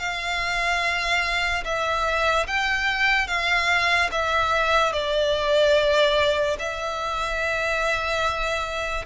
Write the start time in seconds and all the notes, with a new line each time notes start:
0.00 F5
1.65 E5
2.48 G5
3.28 F5
4.12 E5
4.93 D5
6.59 E5